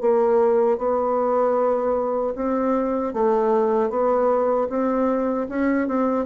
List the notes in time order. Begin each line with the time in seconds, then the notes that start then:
0.00 A#3
0.78 B3
2.35 C4
3.13 A3
3.89 B3
4.69 C4
5.49 C#4
5.88 C4